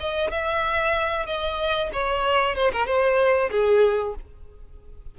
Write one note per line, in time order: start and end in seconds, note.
0.00 0.31 D#5
0.31 1.26 E5
1.26 1.90 D#5
1.93 2.55 C#5
2.55 2.71 C5
2.72 2.86 A#4
2.86 3.50 C5
3.51 4.15 G#4